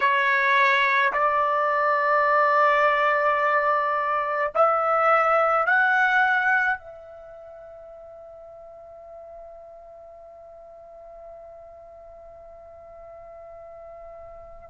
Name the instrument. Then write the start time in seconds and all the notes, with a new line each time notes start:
trumpet
0.00 C#5
1.12 D5
4.54 E5
5.66 F#5
6.78 E5